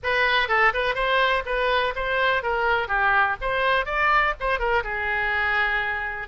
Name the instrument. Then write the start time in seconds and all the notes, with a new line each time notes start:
oboe
0.03 B4
0.48 A4
0.73 B4
0.94 C5
1.45 B4
1.95 C5
2.43 A#4
2.88 G4
3.41 C5
3.85 D5
4.40 C5
4.59 A#4
4.83 G#4